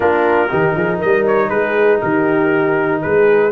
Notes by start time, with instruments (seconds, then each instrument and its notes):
0.00 tuba A#3, trombone D4, horn F4, trumpet A#4
0.49 tuba D#3, trombone D#4, horn G4
0.75 tuba F3, horn G#4
0.98 horn A#4, trumpet D#5
1.04 tuba G3
1.26 trumpet C#5
1.49 tuba G#3, horn G#4, trumpet B4
2.00 tuba D#3, horn G4, trumpet A#4
3.01 tuba G#3, horn G#4, trumpet B4